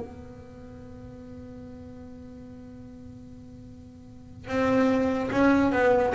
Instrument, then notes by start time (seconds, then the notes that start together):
double bass
0.00 B3
4.48 C4
5.32 C#4
5.72 B3